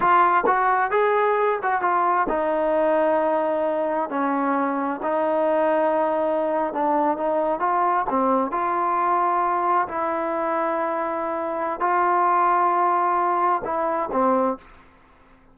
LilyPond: \new Staff \with { instrumentName = "trombone" } { \time 4/4 \tempo 4 = 132 f'4 fis'4 gis'4. fis'8 | f'4 dis'2.~ | dis'4 cis'2 dis'4~ | dis'2~ dis'8. d'4 dis'16~ |
dis'8. f'4 c'4 f'4~ f'16~ | f'4.~ f'16 e'2~ e'16~ | e'2 f'2~ | f'2 e'4 c'4 | }